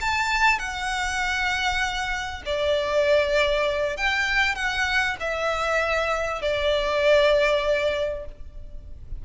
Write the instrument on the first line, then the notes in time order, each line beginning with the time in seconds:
violin
0.00 A5
0.58 F#5
2.45 D5
3.96 G5
4.55 F#5
5.20 E5
6.41 D5